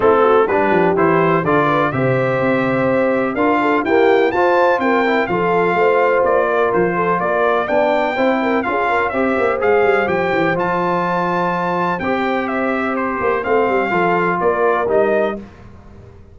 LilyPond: <<
  \new Staff \with { instrumentName = "trumpet" } { \time 4/4 \tempo 4 = 125 a'4 b'4 c''4 d''4 | e''2. f''4 | g''4 a''4 g''4 f''4~ | f''4 d''4 c''4 d''4 |
g''2 f''4 e''4 | f''4 g''4 a''2~ | a''4 g''4 e''4 c''4 | f''2 d''4 dis''4 | }
  \new Staff \with { instrumentName = "horn" } { \time 4/4 e'8 fis'8 g'2 a'8 b'8 | c''2. ais'8 a'8 | g'4 c''4 ais'4 a'4 | c''4. ais'4 a'8 ais'4 |
d''4 c''8 ais'8 gis'8 ais'8 c''4~ | c''1~ | c''1~ | c''4 a'4 ais'2 | }
  \new Staff \with { instrumentName = "trombone" } { \time 4/4 c'4 d'4 e'4 f'4 | g'2. f'4 | ais4 f'4. e'8 f'4~ | f'1 |
d'4 e'4 f'4 g'4 | gis'4 g'4 f'2~ | f'4 g'2. | c'4 f'2 dis'4 | }
  \new Staff \with { instrumentName = "tuba" } { \time 4/4 a4 g8 f8 e4 d4 | c4 c'2 d'4 | e'4 f'4 c'4 f4 | a4 ais4 f4 ais4 |
b4 c'4 cis'4 c'8 ais8 | gis8 g8 f8 e8 f2~ | f4 c'2~ c'8 ais8 | a8 g8 f4 ais4 g4 | }
>>